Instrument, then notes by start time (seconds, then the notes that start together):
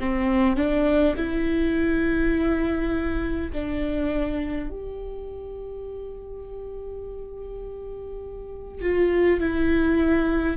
viola
0.00 C4
0.57 D4
1.17 E4
3.53 D4
4.71 G4
8.82 F4
9.41 E4